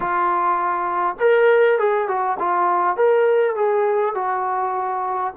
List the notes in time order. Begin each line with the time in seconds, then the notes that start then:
0.00 F4
1.19 A#4
1.78 G#4
2.08 F#4
2.39 F4
2.96 A#4
3.55 G#4
4.14 F#4